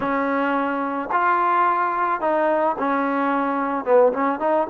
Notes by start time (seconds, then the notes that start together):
0.00 C#4
1.12 F4
2.20 D#4
2.78 C#4
3.84 B3
4.12 C#4
4.39 D#4